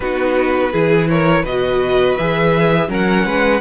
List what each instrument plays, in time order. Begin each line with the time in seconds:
0.00 cello B3, viola D#4, violin F#4 B4
0.72 cello E3, viola E4, violin G#4
1.09 violin A#4 C#5
1.42 cello B2, viola F#4, violin B4 D#5
2.17 cello E3, viola G#4, violin E5
2.87 cello F#3, viola C#4, violin A#4 F#5
3.25 cello G#3, violin B4